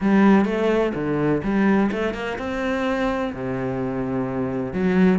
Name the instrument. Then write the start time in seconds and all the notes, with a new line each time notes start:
cello
0.01 G3
0.45 A3
0.94 D3
1.43 G3
1.91 A3
2.13 A#3
2.38 C4
3.33 C3
4.73 F#3